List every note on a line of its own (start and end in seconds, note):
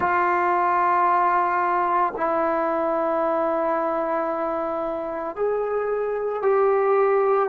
0.00 2.13 F4
2.16 5.35 E4
5.35 6.42 G#4
6.42 7.48 G4